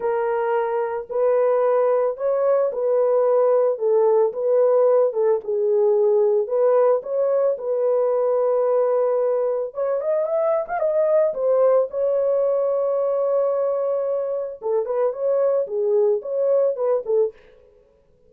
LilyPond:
\new Staff \with { instrumentName = "horn" } { \time 4/4 \tempo 4 = 111 ais'2 b'2 | cis''4 b'2 a'4 | b'4. a'8 gis'2 | b'4 cis''4 b'2~ |
b'2 cis''8 dis''8 e''8. f''16 | dis''4 c''4 cis''2~ | cis''2. a'8 b'8 | cis''4 gis'4 cis''4 b'8 a'8 | }